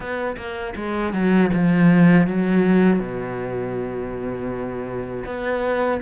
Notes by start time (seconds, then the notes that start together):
0.00 B3
0.36 A#3
0.75 G#3
1.12 F#3
1.53 F3
2.27 F#3
2.99 B2
5.25 B3